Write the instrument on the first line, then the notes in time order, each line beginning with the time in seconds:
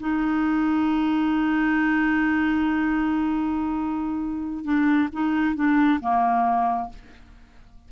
clarinet
0.00 D#4
4.64 D4
5.13 D#4
5.55 D4
6.01 A#3